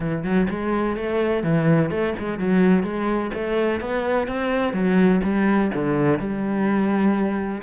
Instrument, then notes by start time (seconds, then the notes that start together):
cello
0.00 E3
0.23 F#3
0.49 G#3
0.96 A3
1.43 E3
1.90 A3
2.18 G#3
2.38 F#3
2.83 G#3
3.34 A3
3.80 B3
4.27 C4
4.73 F#3
5.23 G3
5.74 D3
6.19 G3